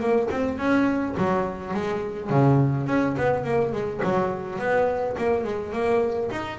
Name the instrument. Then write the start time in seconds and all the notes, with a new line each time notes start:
double bass
0.00 A#3
0.31 C4
0.58 C#4
1.17 F#3
1.74 G#3
2.30 C#3
2.87 C#4
3.17 B3
3.44 A#3
3.72 G#3
4.03 F#3
4.59 B3
5.17 A#3
5.44 G#3
5.73 A#3
6.31 D#4